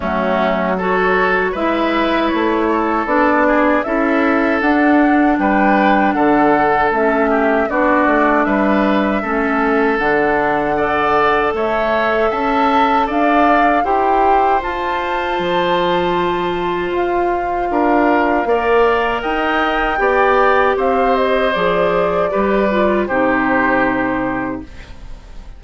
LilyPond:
<<
  \new Staff \with { instrumentName = "flute" } { \time 4/4 \tempo 4 = 78 fis'4 cis''4 e''4 cis''4 | d''4 e''4 fis''4 g''4 | fis''4 e''4 d''4 e''4~ | e''4 fis''2 e''4 |
a''4 f''4 g''4 a''4~ | a''2 f''2~ | f''4 g''2 f''8 dis''8 | d''2 c''2 | }
  \new Staff \with { instrumentName = "oboe" } { \time 4/4 cis'4 a'4 b'4. a'8~ | a'8 gis'8 a'2 b'4 | a'4. g'8 fis'4 b'4 | a'2 d''4 cis''4 |
e''4 d''4 c''2~ | c''2. ais'4 | d''4 dis''4 d''4 c''4~ | c''4 b'4 g'2 | }
  \new Staff \with { instrumentName = "clarinet" } { \time 4/4 a4 fis'4 e'2 | d'4 e'4 d'2~ | d'4 cis'4 d'2 | cis'4 d'4 a'2~ |
a'2 g'4 f'4~ | f'1 | ais'2 g'2 | gis'4 g'8 f'8 dis'2 | }
  \new Staff \with { instrumentName = "bassoon" } { \time 4/4 fis2 gis4 a4 | b4 cis'4 d'4 g4 | d4 a4 b8 a8 g4 | a4 d2 a4 |
cis'4 d'4 e'4 f'4 | f2 f'4 d'4 | ais4 dis'4 b4 c'4 | f4 g4 c2 | }
>>